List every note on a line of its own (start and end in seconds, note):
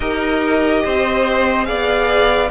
0.00 0.82 D#4
0.00 1.64 G4
0.00 0.83 A#4
0.00 1.65 D#5
0.83 1.68 C4
0.83 1.66 C5
1.64 2.51 B3
1.64 2.47 G#4
1.64 2.50 D5
1.64 2.48 F5